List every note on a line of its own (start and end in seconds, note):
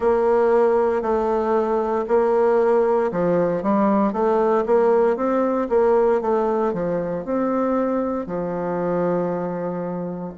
0.00 1.02 A#3
1.02 2.05 A3
2.07 3.11 A#3
3.11 3.63 F3
3.63 4.12 G3
4.12 4.64 A3
4.66 5.16 A#3
5.16 5.68 C4
5.69 6.21 A#3
6.21 6.72 A3
6.73 7.24 F3
7.24 8.26 C4
8.26 10.33 F3